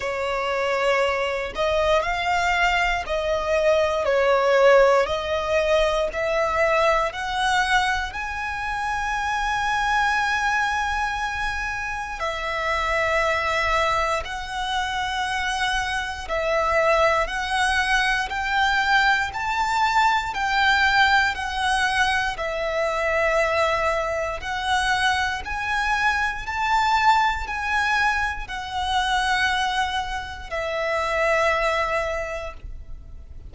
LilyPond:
\new Staff \with { instrumentName = "violin" } { \time 4/4 \tempo 4 = 59 cis''4. dis''8 f''4 dis''4 | cis''4 dis''4 e''4 fis''4 | gis''1 | e''2 fis''2 |
e''4 fis''4 g''4 a''4 | g''4 fis''4 e''2 | fis''4 gis''4 a''4 gis''4 | fis''2 e''2 | }